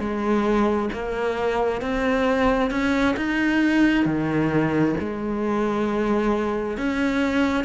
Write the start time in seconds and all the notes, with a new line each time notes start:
0.00 G#3
0.93 A#3
1.82 C4
2.71 C#4
3.17 D#4
4.05 D#3
5.00 G#3
6.77 C#4